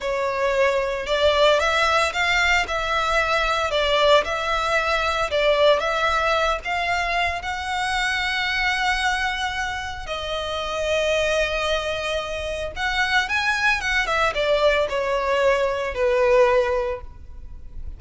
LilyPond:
\new Staff \with { instrumentName = "violin" } { \time 4/4 \tempo 4 = 113 cis''2 d''4 e''4 | f''4 e''2 d''4 | e''2 d''4 e''4~ | e''8 f''4. fis''2~ |
fis''2. dis''4~ | dis''1 | fis''4 gis''4 fis''8 e''8 d''4 | cis''2 b'2 | }